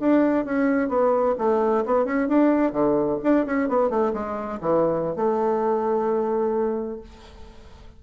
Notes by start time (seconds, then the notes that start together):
0.00 D4
0.45 C#4
0.89 B3
1.38 A3
1.86 B3
2.05 C#4
2.28 D4
2.73 D3
3.23 D4
3.46 C#4
3.69 B3
3.90 A3
4.13 G#3
4.61 E3
5.16 A3